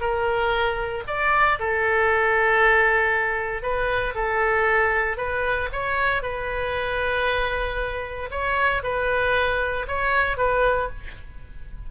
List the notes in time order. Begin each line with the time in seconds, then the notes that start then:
0.00 A#4
1.07 D5
1.59 A4
3.62 B4
4.14 A4
5.17 B4
5.72 C#5
6.22 B4
8.30 C#5
8.83 B4
9.87 C#5
10.37 B4